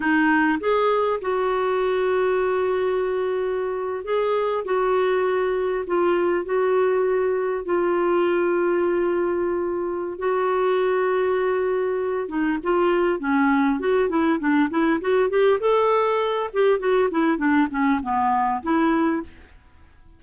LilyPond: \new Staff \with { instrumentName = "clarinet" } { \time 4/4 \tempo 4 = 100 dis'4 gis'4 fis'2~ | fis'2~ fis'8. gis'4 fis'16~ | fis'4.~ fis'16 f'4 fis'4~ fis'16~ | fis'8. f'2.~ f'16~ |
f'4 fis'2.~ | fis'8 dis'8 f'4 cis'4 fis'8 e'8 | d'8 e'8 fis'8 g'8 a'4. g'8 | fis'8 e'8 d'8 cis'8 b4 e'4 | }